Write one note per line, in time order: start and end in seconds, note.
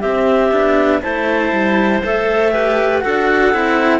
0.00 0.53 C4
0.00 0.51 C4
0.00 1.00 G4
0.00 1.01 E5
0.51 1.02 B3
0.51 1.01 D4
1.02 1.52 A3
1.02 2.02 E4
1.02 2.52 C5
1.02 2.02 A5
1.52 2.02 G3
2.02 3.05 A3
2.02 2.51 A4
2.02 2.99 E5
2.51 3.01 G4
2.51 3.02 B4
2.99 3.51 F#4
2.99 4.00 A4
2.99 3.99 F#5
3.05 3.53 D4
3.51 4.00 C4
3.51 4.00 E4